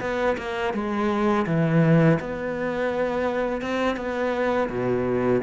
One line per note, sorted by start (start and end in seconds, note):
0.00 0.36 B3
0.37 0.74 A#3
0.74 1.46 G#3
1.46 2.19 E3
2.20 3.61 B3
3.61 3.96 C4
3.96 4.69 B3
4.69 5.42 B2